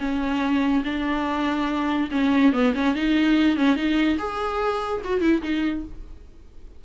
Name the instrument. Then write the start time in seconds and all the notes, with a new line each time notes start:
viola
0.00 C#4
0.85 D4
2.11 C#4
2.53 B3
2.75 C#4
2.96 D#4
3.57 C#4
3.76 D#4
4.19 G#4
5.05 F#4
5.21 E4
5.43 D#4